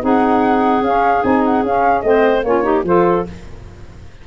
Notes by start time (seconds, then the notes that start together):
0.00 C4 D#4 G#4 F#5
0.82 C#4 F5
1.23 C4 D#4 G#5
1.45 F#5
1.63 C#4 F5
2.01 A3 C4 C5 D#5
2.44 A#3 C#4 F4 C#5
2.62 D#4 G4
2.83 F3 F4 A4 C5